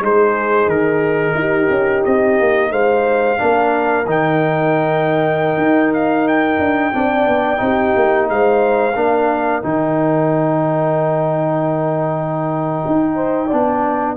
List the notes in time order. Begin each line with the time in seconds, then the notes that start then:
0.00 G#3 D#4 G#4 C5
0.67 D#3 A#4
1.35 D#4 G4
1.70 C#4
2.05 C4 D#5
2.40 A#3
2.71 G#3 C5 F5
3.38 A#3 D4 A#4
4.06 D#3 D#4 G5
5.57 D#4
5.94 F5
6.28 G5
6.59 D4
6.93 C4 D4 D5
7.26 B3
7.57 C4 D#4
7.63 G4
7.96 A#3
8.29 G#3 C5 F5
8.95 A#3 D4 A#4
9.62 D#3 D#4 G5
12.86 D#4
13.15 C5
13.47 B3 D4 D5